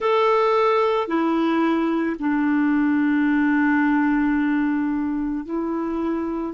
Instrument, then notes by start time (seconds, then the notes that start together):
clarinet
0.00 A4
1.07 E4
2.19 D4
5.45 E4